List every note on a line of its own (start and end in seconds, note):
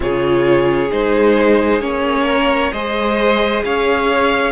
0.00 0.91 C#3
0.00 0.89 F4
0.00 2.25 G#4
0.00 0.91 C#5
0.91 1.80 G#3
0.91 1.81 D#4
0.91 1.81 C5
1.80 2.71 A#3
1.80 2.72 C#4
1.80 2.72 C#5
2.25 2.71 A#4
2.72 3.63 G#3
2.72 4.52 G#4
2.72 3.64 C5
2.72 3.63 D#5
3.64 4.52 C#4
3.64 4.52 C#5
3.64 4.52 F5